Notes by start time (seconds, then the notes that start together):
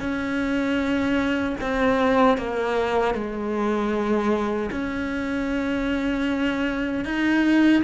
0.00 C#4
1.60 C4
2.37 A#3
3.14 G#3
4.71 C#4
7.04 D#4